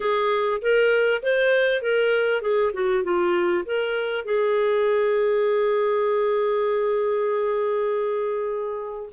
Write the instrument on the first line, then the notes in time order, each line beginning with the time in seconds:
clarinet
0.00 G#4
0.61 A#4
1.22 C5
1.82 A#4
2.41 G#4
2.73 F#4
3.03 F4
3.65 A#4
4.24 G#4